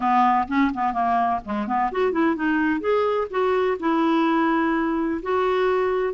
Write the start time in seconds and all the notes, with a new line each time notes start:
0.00 B3
0.47 C#4
0.73 B3
0.93 A#3
1.45 G#3
1.67 B3
1.91 F#4
2.12 E4
2.35 D#4
2.80 G#4
3.30 F#4
3.79 E4
5.22 F#4